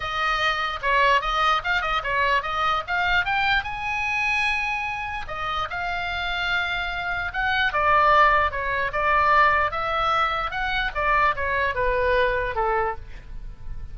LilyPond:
\new Staff \with { instrumentName = "oboe" } { \time 4/4 \tempo 4 = 148 dis''2 cis''4 dis''4 | f''8 dis''8 cis''4 dis''4 f''4 | g''4 gis''2.~ | gis''4 dis''4 f''2~ |
f''2 fis''4 d''4~ | d''4 cis''4 d''2 | e''2 fis''4 d''4 | cis''4 b'2 a'4 | }